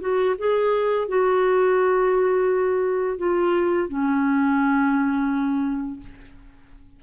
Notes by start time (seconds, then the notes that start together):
0.00 F#4
0.38 G#4
1.08 F#4
3.18 F4
3.88 C#4